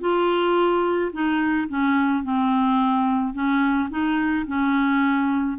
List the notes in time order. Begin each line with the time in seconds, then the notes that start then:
0.00 F4
1.12 D#4
1.68 C#4
2.23 C4
3.33 C#4
3.90 D#4
4.47 C#4